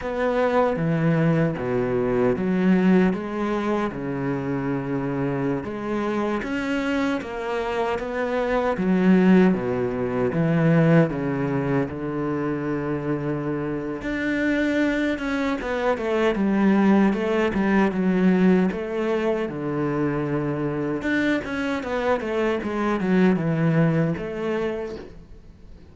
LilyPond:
\new Staff \with { instrumentName = "cello" } { \time 4/4 \tempo 4 = 77 b4 e4 b,4 fis4 | gis4 cis2~ cis16 gis8.~ | gis16 cis'4 ais4 b4 fis8.~ | fis16 b,4 e4 cis4 d8.~ |
d2 d'4. cis'8 | b8 a8 g4 a8 g8 fis4 | a4 d2 d'8 cis'8 | b8 a8 gis8 fis8 e4 a4 | }